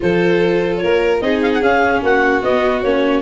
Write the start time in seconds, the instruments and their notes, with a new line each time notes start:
0.00 tuba F3, viola F4, violin A4, clarinet C5
0.77 tuba A#3, violin A#4, clarinet C#5
1.21 tuba C4, viola D#4, violin G#4, clarinet D#5
1.42 clarinet F5
1.53 clarinet F#5
1.61 tuba C#4, viola C#4, clarinet F5
2.02 tuba A#3, violin F#4, clarinet F#5
2.42 viola B3, tuba B3, clarinet D#5
2.82 tuba A#3, viola C#4, clarinet C#5